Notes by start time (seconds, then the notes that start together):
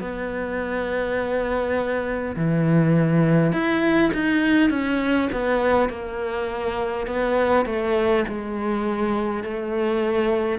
0.00 B3
2.36 E3
3.52 E4
4.13 D#4
4.70 C#4
5.32 B3
5.89 A#3
7.06 B3
7.66 A3
8.28 G#3
9.43 A3